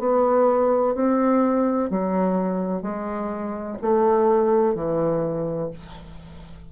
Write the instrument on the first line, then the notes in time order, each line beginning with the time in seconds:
bassoon
0.00 B3
0.95 C4
1.90 F#3
2.82 G#3
3.82 A3
4.75 E3